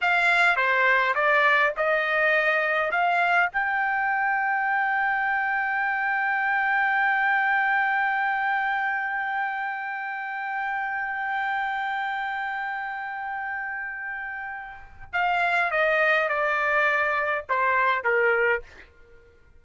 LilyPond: \new Staff \with { instrumentName = "trumpet" } { \time 4/4 \tempo 4 = 103 f''4 c''4 d''4 dis''4~ | dis''4 f''4 g''2~ | g''1~ | g''1~ |
g''1~ | g''1~ | g''2 f''4 dis''4 | d''2 c''4 ais'4 | }